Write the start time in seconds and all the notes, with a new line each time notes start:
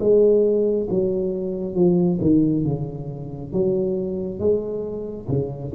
0.00 G#3
0.90 F#3
1.75 F3
2.21 D#3
2.65 C#3
3.53 F#3
4.40 G#3
5.29 C#3